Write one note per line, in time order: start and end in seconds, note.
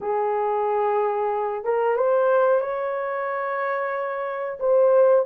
0.00 1.64 G#4
1.64 1.96 A#4
1.96 2.60 C5
2.60 4.58 C#5
4.59 5.25 C5